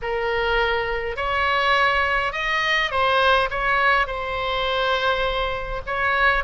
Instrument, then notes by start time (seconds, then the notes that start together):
oboe
0.02 A#4
1.16 C#5
2.32 D#5
2.90 C5
3.50 C#5
4.06 C5
5.86 C#5